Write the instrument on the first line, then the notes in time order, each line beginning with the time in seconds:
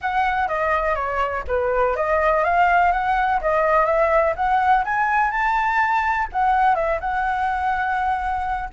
flute
0.01 F#5
0.48 D#5
0.95 C#5
1.47 B4
1.96 D#5
2.43 F5
2.91 F#5
3.41 D#5
3.85 E5
4.35 F#5
4.84 G#5
5.30 A5
6.32 F#5
6.75 E5
7.00 F#5